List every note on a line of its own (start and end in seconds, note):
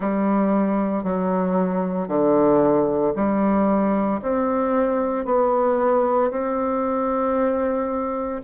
0.00 1.03 G3
1.03 2.08 F#3
2.08 3.13 D3
3.15 4.21 G3
4.22 5.25 C4
5.25 6.30 B3
6.31 8.41 C4